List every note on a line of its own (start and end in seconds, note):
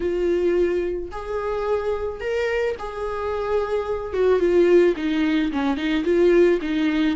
0.00 1.09 F4
1.11 2.20 G#4
2.20 2.75 A#4
2.78 4.13 G#4
4.13 4.39 F#4
4.39 4.94 F4
4.96 5.51 D#4
5.51 5.76 C#4
5.76 6.04 D#4
6.04 6.59 F4
6.61 7.16 D#4